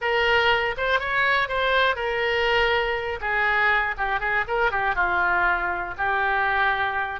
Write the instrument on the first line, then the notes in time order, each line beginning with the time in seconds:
oboe
0.01 A#4
0.77 C5
0.99 C#5
1.48 C5
1.95 A#4
3.20 G#4
3.97 G4
4.19 G#4
4.47 A#4
4.71 G4
4.95 F4
5.97 G4